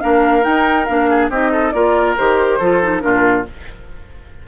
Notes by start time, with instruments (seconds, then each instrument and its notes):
0.00 bassoon A#3, clarinet D4, oboe A#4, flute F5
0.42 clarinet D#4, bassoon D#4, flute G5
0.85 bassoon A#3, clarinet D4, flute F5
1.10 oboe G#4
1.29 bassoon C4, clarinet D#4, oboe G4, flute D#5
1.51 oboe A4
1.71 bassoon A#3, clarinet F4, oboe A#4, flute D5
2.17 bassoon D#3, clarinet G4, flute C5
2.59 bassoon F3, clarinet F4, oboe A4
2.82 clarinet D#4
3.00 bassoon A#2, clarinet D4, oboe F4, flute A#4